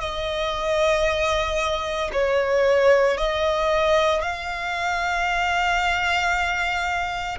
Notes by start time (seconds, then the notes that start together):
0.00 D#5
2.12 C#5
3.17 D#5
4.22 F5